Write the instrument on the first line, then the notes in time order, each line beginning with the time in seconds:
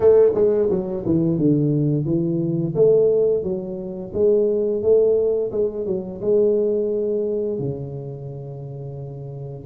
tuba
0.00 A3
0.34 G#3
0.70 F#3
1.05 E3
1.38 D3
2.05 E3
2.75 A3
3.43 F#3
4.13 G#3
4.82 A3
5.51 G#3
5.86 F#3
6.21 G#3
7.58 C#3